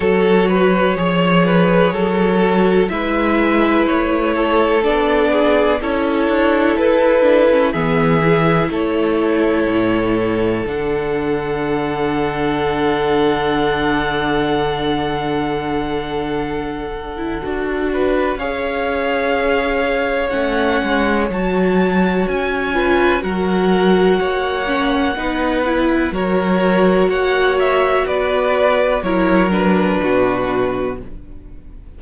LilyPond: <<
  \new Staff \with { instrumentName = "violin" } { \time 4/4 \tempo 4 = 62 cis''2. e''4 | cis''4 d''4 cis''4 b'4 | e''4 cis''2 fis''4~ | fis''1~ |
fis''2. f''4~ | f''4 fis''4 a''4 gis''4 | fis''2. cis''4 | fis''8 e''8 d''4 cis''8 b'4. | }
  \new Staff \with { instrumentName = "violin" } { \time 4/4 a'8 b'8 cis''8 b'8 a'4 b'4~ | b'8 a'4 gis'8 a'2 | gis'4 a'2.~ | a'1~ |
a'2~ a'8 b'8 cis''4~ | cis''2.~ cis''8 b'8 | ais'4 cis''4 b'4 ais'4 | cis''4 b'4 ais'4 fis'4 | }
  \new Staff \with { instrumentName = "viola" } { \time 4/4 fis'4 gis'4. fis'8 e'4~ | e'4 d'4 e'4. d'16 cis'16 | b8 e'2~ e'8 d'4~ | d'1~ |
d'4.~ d'16 e'16 fis'4 gis'4~ | gis'4 cis'4 fis'4. f'8 | fis'4. cis'8 dis'8 e'8 fis'4~ | fis'2 e'8 d'4. | }
  \new Staff \with { instrumentName = "cello" } { \time 4/4 fis4 f4 fis4 gis4 | a4 b4 cis'8 d'8 e'4 | e4 a4 a,4 d4~ | d1~ |
d2 d'4 cis'4~ | cis'4 a8 gis8 fis4 cis'4 | fis4 ais4 b4 fis4 | ais4 b4 fis4 b,4 | }
>>